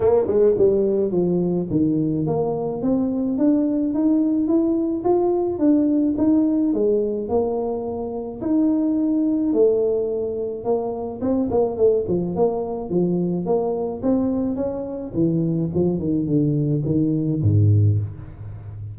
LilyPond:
\new Staff \with { instrumentName = "tuba" } { \time 4/4 \tempo 4 = 107 ais8 gis8 g4 f4 dis4 | ais4 c'4 d'4 dis'4 | e'4 f'4 d'4 dis'4 | gis4 ais2 dis'4~ |
dis'4 a2 ais4 | c'8 ais8 a8 f8 ais4 f4 | ais4 c'4 cis'4 e4 | f8 dis8 d4 dis4 gis,4 | }